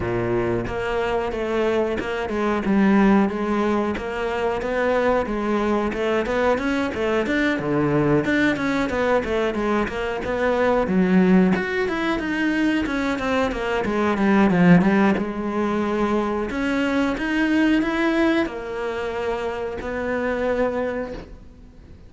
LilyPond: \new Staff \with { instrumentName = "cello" } { \time 4/4 \tempo 4 = 91 ais,4 ais4 a4 ais8 gis8 | g4 gis4 ais4 b4 | gis4 a8 b8 cis'8 a8 d'8 d8~ | d8 d'8 cis'8 b8 a8 gis8 ais8 b8~ |
b8 fis4 fis'8 e'8 dis'4 cis'8 | c'8 ais8 gis8 g8 f8 g8 gis4~ | gis4 cis'4 dis'4 e'4 | ais2 b2 | }